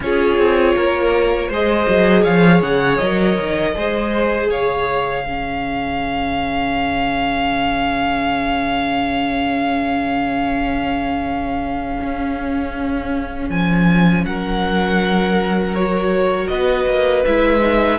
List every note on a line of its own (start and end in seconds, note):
0.00 0.38 C#4
0.00 1.52 F4
0.00 0.76 G#4
0.00 1.52 C#5
0.38 0.75 C4
0.76 1.49 A#3
0.76 1.48 A#4
1.48 1.86 G#3
1.48 3.02 G#4
1.48 2.22 C5
1.48 2.24 D#5
1.88 2.25 F#3
2.22 2.62 F3
2.22 3.72 C#5
2.22 2.61 F5
2.62 2.99 C#3
2.62 2.97 F#5
2.97 3.38 F#3
2.97 3.75 A#4
2.97 4.47 D#5
3.38 3.75 D#3
3.75 4.49 G#3
3.75 5.25 G#4
3.75 4.50 C5
4.49 11.99 C#3
4.49 5.25 C#5
4.49 13.50 F5
5.25 15.75 C#4
5.25 14.25 G#4
12.01 13.49 C#4
13.49 14.24 F3
13.49 14.25 G#5
14.24 16.49 F#3
14.24 16.51 A#4
14.24 15.74 F#5
15.74 17.26 F#4
15.74 16.47 C#5
16.47 16.86 B3
16.47 17.99 B4
16.47 17.22 D#5
16.86 17.23 A#3
17.25 17.99 G#3
17.25 17.60 E4
17.25 17.99 E5
17.60 17.97 D#4